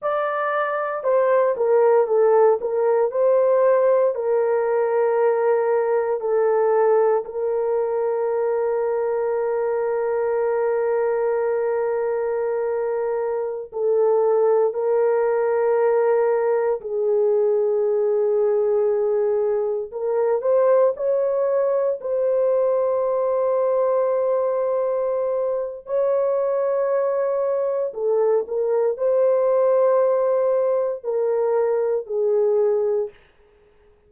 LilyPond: \new Staff \with { instrumentName = "horn" } { \time 4/4 \tempo 4 = 58 d''4 c''8 ais'8 a'8 ais'8 c''4 | ais'2 a'4 ais'4~ | ais'1~ | ais'4~ ais'16 a'4 ais'4.~ ais'16~ |
ais'16 gis'2. ais'8 c''16~ | c''16 cis''4 c''2~ c''8.~ | c''4 cis''2 a'8 ais'8 | c''2 ais'4 gis'4 | }